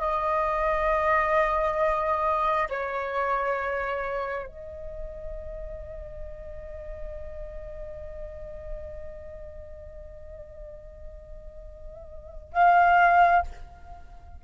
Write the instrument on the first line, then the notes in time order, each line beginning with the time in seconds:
flute
0.00 D#5
2.69 C#5
4.47 D#5
12.53 F5